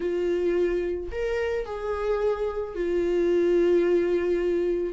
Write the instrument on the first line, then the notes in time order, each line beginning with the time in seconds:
viola
0.00 F4
1.11 A#4
1.65 G#4
2.75 F4